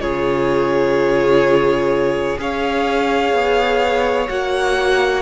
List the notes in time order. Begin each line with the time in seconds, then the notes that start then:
0.00 C#3 F4 G#4 C#5
2.37 C#4 G#4 C#5 F5
3.33 B3
4.29 A#3 F#4 F#5